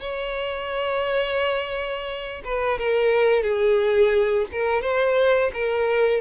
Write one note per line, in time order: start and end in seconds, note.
0.00 2.41 C#5
2.44 2.78 B4
2.78 3.43 A#4
3.43 4.46 G#4
4.52 4.82 A#4
4.82 5.50 C5
5.53 6.21 A#4